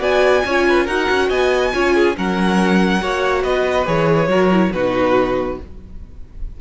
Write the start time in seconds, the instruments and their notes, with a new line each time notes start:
0.00 cello B3, viola F#4, violin D5 G#5
0.45 cello C#4, viola F4, violin C#5
0.68 violin B4
0.84 cello D#4, viola F#4, violin A#4 F#5
1.10 cello C#4
1.29 cello B3, violin D#5 G#5
1.73 cello C#4, viola F4, violin C#5
1.95 violin G#4
2.14 cello F#3, viola C#4, violin A#4 F#5
3.01 cello A#3, viola F#4, violin C#5
3.43 cello B3, violin B4 D#5
3.85 cello E3, viola G#4, violin C#5
4.28 cello F#3, viola F#4, violin A#4
4.51 viola E4
4.72 cello B2, viola D#4, violin F#4 B4